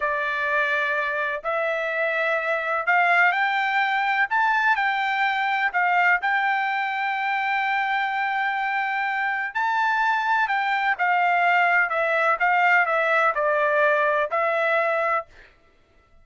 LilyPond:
\new Staff \with { instrumentName = "trumpet" } { \time 4/4 \tempo 4 = 126 d''2. e''4~ | e''2 f''4 g''4~ | g''4 a''4 g''2 | f''4 g''2.~ |
g''1 | a''2 g''4 f''4~ | f''4 e''4 f''4 e''4 | d''2 e''2 | }